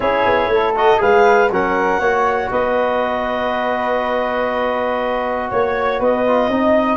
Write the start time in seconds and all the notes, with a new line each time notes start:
0.00 C#4 E4 G#4 C#5
0.25 B3
0.47 A3
0.54 A4
0.75 F#4 D#5
0.97 G#3 G#4 B4 F5
1.50 F#3 C#4 A#4 F#5
1.99 A#3 F#4 C#5
2.51 B3 B4 D#5
5.49 A#3 C#5
5.99 B3 B4 D#5
6.26 F4
6.47 C4 D#4 D#5